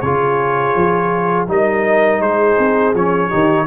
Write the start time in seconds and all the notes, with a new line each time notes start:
0.00 C#3 F4 G#4 C#5
0.75 F3
1.47 G3 D#4 A#4 D#5
2.20 G#3 G#4 C5
2.58 C4
2.94 F3 C#4 C#5
3.28 D#3 D#4 G4